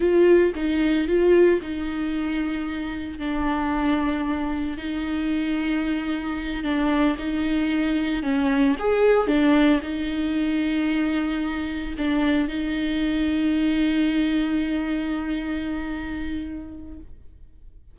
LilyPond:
\new Staff \with { instrumentName = "viola" } { \time 4/4 \tempo 4 = 113 f'4 dis'4 f'4 dis'4~ | dis'2 d'2~ | d'4 dis'2.~ | dis'8 d'4 dis'2 cis'8~ |
cis'8 gis'4 d'4 dis'4.~ | dis'2~ dis'8 d'4 dis'8~ | dis'1~ | dis'1 | }